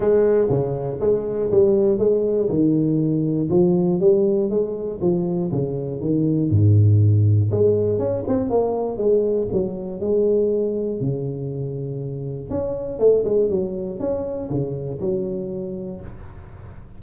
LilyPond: \new Staff \with { instrumentName = "tuba" } { \time 4/4 \tempo 4 = 120 gis4 cis4 gis4 g4 | gis4 dis2 f4 | g4 gis4 f4 cis4 | dis4 gis,2 gis4 |
cis'8 c'8 ais4 gis4 fis4 | gis2 cis2~ | cis4 cis'4 a8 gis8 fis4 | cis'4 cis4 fis2 | }